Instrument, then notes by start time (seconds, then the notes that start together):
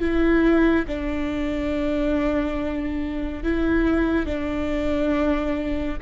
viola
0.00 E4
0.87 D4
3.43 E4
4.26 D4